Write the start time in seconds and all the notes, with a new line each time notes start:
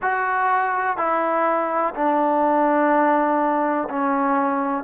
0.01 F#4
0.97 E4
1.94 D4
3.89 C#4